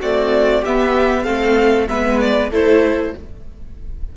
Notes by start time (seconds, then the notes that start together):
0.00 A3 C4 F#4 D5
0.62 B3 G4 E5
1.24 A3 C4 A4 F5
1.89 G#3 B3 B4 E5
2.21 D5
2.50 A3 E4 A4 C5